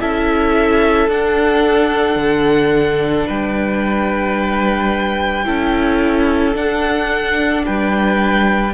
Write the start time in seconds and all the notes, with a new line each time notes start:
0.00 C#4 E4 A4 E5
1.08 D4 F#5
2.16 D3
3.27 G3 B4 G5
5.45 C#4 E4 A4
6.53 D4 F#5
7.65 G3 B4 G5